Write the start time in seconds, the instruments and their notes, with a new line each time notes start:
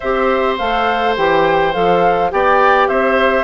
0.00 bassoon C4, clarinet G4, oboe C5, flute E5
0.57 bassoon A3, clarinet A4, flute F5
1.16 bassoon E3, clarinet G4, flute G5
1.73 bassoon F3, clarinet A4, flute F5
2.30 bassoon B3, clarinet G4, oboe D5, flute G5
2.88 bassoon C4, oboe C5, flute E5